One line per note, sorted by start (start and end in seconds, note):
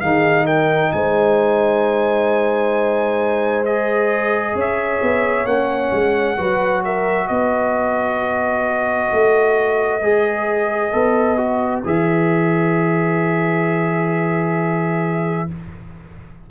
0.00 0.92 D#3
0.00 3.65 D#4
0.00 0.44 G#4
0.00 0.45 F5
0.44 0.90 A#4
0.44 0.92 G5
0.92 4.55 G#3
0.92 4.54 C5
0.92 3.65 G#5
3.65 5.47 G#4
3.65 4.56 D#5
4.54 5.00 C#4
4.54 6.36 C#5
4.60 5.46 E5
5.02 5.45 B3
5.45 5.90 A#3
5.45 6.37 C#4
5.45 6.83 F#5
5.92 6.38 G#3
6.37 7.29 F#3
6.37 10.01 F#4
6.37 6.83 B4
6.84 7.27 A#4
6.84 7.27 E5
7.27 9.11 B3
7.27 15.45 B4
7.27 11.82 D#5
9.12 10.01 A3
10.01 10.92 G#3
10.01 10.92 G#4
10.92 11.84 B3
10.92 11.37 A4
11.37 11.83 F#4
11.84 15.48 E3
11.84 15.48 G#4
11.84 15.50 E5